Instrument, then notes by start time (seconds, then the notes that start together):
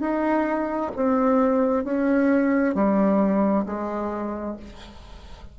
bassoon
0.00 D#4
0.96 C4
1.84 C#4
2.75 G3
3.66 G#3